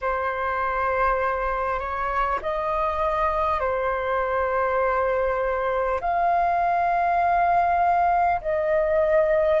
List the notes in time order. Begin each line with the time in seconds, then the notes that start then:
0.01 C5
1.79 C#5
2.42 D#5
3.60 C5
6.00 F5
8.41 D#5